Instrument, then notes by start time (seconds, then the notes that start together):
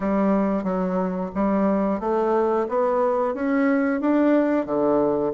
bassoon
0.00 G3
0.63 F#3
1.35 G3
2.00 A3
2.68 B3
3.34 C#4
4.00 D4
4.65 D3